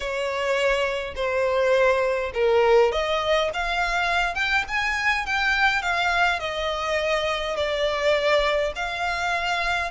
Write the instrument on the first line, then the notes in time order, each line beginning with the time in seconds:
violin
0.00 C#5
1.15 C5
2.34 A#4
2.92 D#5
3.53 F5
4.34 G5
4.68 G#5
5.26 G5
5.82 F5
6.39 D#5
7.56 D5
8.75 F5